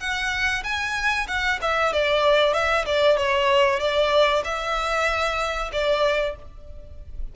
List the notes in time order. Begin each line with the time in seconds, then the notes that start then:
0.00 F#5
0.63 G#5
1.28 F#5
1.61 E5
1.93 D5
2.53 E5
2.86 D5
3.17 C#5
3.80 D5
4.44 E5
5.72 D5